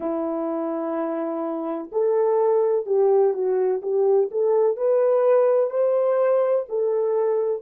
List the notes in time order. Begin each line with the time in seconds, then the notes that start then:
0.00 E4
1.92 A4
2.86 G4
3.33 F#4
3.82 G4
4.31 A4
4.76 B4
5.70 C5
6.68 A4